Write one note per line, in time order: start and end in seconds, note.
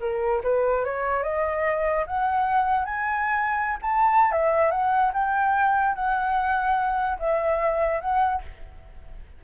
0.00 0.41 A#4
0.43 0.84 B4
0.84 1.23 C#5
1.23 2.05 D#5
2.06 2.85 F#5
2.85 3.78 G#5
3.82 4.32 A5
4.32 4.71 E5
4.71 5.12 F#5
5.13 5.95 G5
5.95 7.18 F#5
7.19 8.00 E5
8.00 8.42 F#5